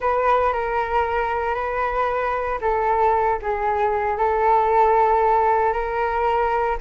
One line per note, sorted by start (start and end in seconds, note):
0.00 0.52 B4
0.52 1.54 A#4
1.54 2.58 B4
2.61 3.39 A4
3.42 4.17 G#4
4.17 5.72 A4
5.72 6.77 A#4